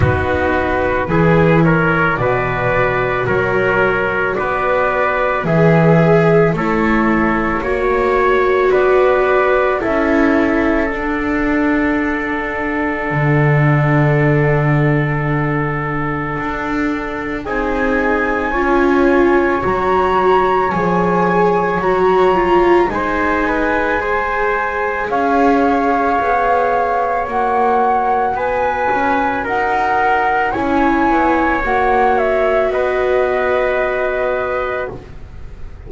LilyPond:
<<
  \new Staff \with { instrumentName = "flute" } { \time 4/4 \tempo 4 = 55 b'4. cis''8 d''4 cis''4 | d''4 e''4 cis''2 | d''4 e''4 fis''2~ | fis''1 |
gis''2 ais''4 gis''4 | ais''4 gis''2 f''4~ | f''4 fis''4 gis''4 fis''4 | gis''4 fis''8 e''8 dis''2 | }
  \new Staff \with { instrumentName = "trumpet" } { \time 4/4 fis'4 gis'8 ais'8 b'4 ais'4 | b'4 gis'4 a'4 cis''4 | b'4 a'2.~ | a'1 |
gis'4 cis''2.~ | cis''4 c''8 b'8 c''4 cis''4~ | cis''2 b'4 ais'4 | cis''2 b'2 | }
  \new Staff \with { instrumentName = "viola" } { \time 4/4 dis'4 e'4 fis'2~ | fis'4 gis'4 e'4 fis'4~ | fis'4 e'4 d'2~ | d'1 |
dis'4 f'4 fis'4 gis'4 | fis'8 f'8 dis'4 gis'2~ | gis'4 fis'2. | e'4 fis'2. | }
  \new Staff \with { instrumentName = "double bass" } { \time 4/4 b4 e4 b,4 fis4 | b4 e4 a4 ais4 | b4 cis'4 d'2 | d2. d'4 |
c'4 cis'4 fis4 f4 | fis4 gis2 cis'4 | b4 ais4 b8 cis'8 dis'4 | cis'8 b8 ais4 b2 | }
>>